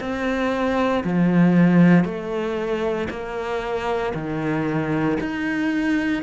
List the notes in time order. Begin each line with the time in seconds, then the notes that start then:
0.00 C4
1.04 F3
2.05 A3
3.10 A#3
4.15 D#3
5.21 D#4